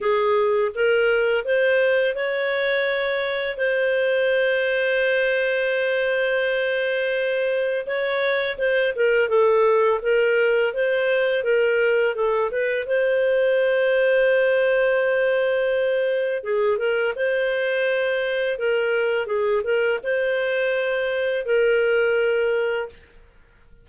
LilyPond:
\new Staff \with { instrumentName = "clarinet" } { \time 4/4 \tempo 4 = 84 gis'4 ais'4 c''4 cis''4~ | cis''4 c''2.~ | c''2. cis''4 | c''8 ais'8 a'4 ais'4 c''4 |
ais'4 a'8 b'8 c''2~ | c''2. gis'8 ais'8 | c''2 ais'4 gis'8 ais'8 | c''2 ais'2 | }